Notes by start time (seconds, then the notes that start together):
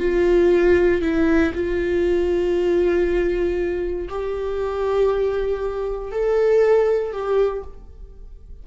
0.00 F4
1.02 E4
1.55 F4
4.09 G4
6.12 A4
7.13 G4